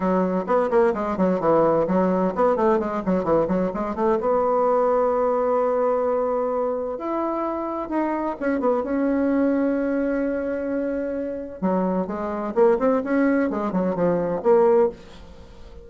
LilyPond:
\new Staff \with { instrumentName = "bassoon" } { \time 4/4 \tempo 4 = 129 fis4 b8 ais8 gis8 fis8 e4 | fis4 b8 a8 gis8 fis8 e8 fis8 | gis8 a8 b2.~ | b2. e'4~ |
e'4 dis'4 cis'8 b8 cis'4~ | cis'1~ | cis'4 fis4 gis4 ais8 c'8 | cis'4 gis8 fis8 f4 ais4 | }